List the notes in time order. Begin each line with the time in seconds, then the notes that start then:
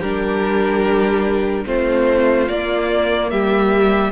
0.00 G3 D4 G4 A#4
1.66 A3 C4 F4 C5
2.49 A#3 D5
3.31 G3 G4 E5